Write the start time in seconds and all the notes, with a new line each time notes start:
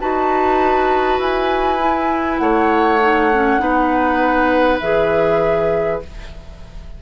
0.00 D#4 F#4 B4 A5
1.19 E4 G#5
1.79 E4
2.38 A3 C#5 F#5
3.01 D#4
3.33 C#4
3.59 B3 D#4 B4
4.80 E3 G#4 E5